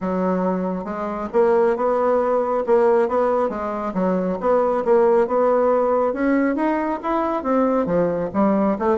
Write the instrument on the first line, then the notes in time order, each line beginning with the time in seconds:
bassoon
0.00 F#3
0.84 G#3
1.33 A#3
1.76 B3
2.66 A#3
3.08 B3
3.49 G#3
3.94 F#3
4.40 B3
4.84 A#3
5.27 B3
6.13 C#4
6.55 D#4
7.02 E4
7.43 C4
7.86 F3
8.33 G3
8.78 A3